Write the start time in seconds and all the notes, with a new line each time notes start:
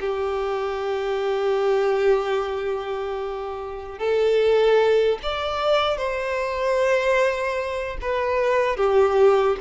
0.00 G4
3.98 A4
5.22 D5
5.97 C5
8.01 B4
8.77 G4